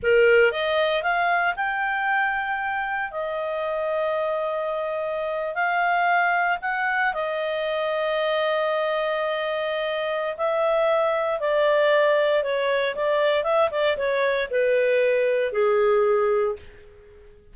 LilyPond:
\new Staff \with { instrumentName = "clarinet" } { \time 4/4 \tempo 4 = 116 ais'4 dis''4 f''4 g''4~ | g''2 dis''2~ | dis''2~ dis''8. f''4~ f''16~ | f''8. fis''4 dis''2~ dis''16~ |
dis''1 | e''2 d''2 | cis''4 d''4 e''8 d''8 cis''4 | b'2 gis'2 | }